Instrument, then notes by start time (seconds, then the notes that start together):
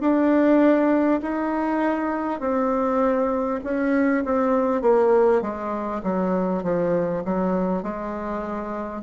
bassoon
0.00 D4
1.22 D#4
2.39 C4
3.64 C#4
4.25 C4
4.82 A#3
5.42 G#3
6.03 F#3
6.63 F3
7.25 F#3
7.83 G#3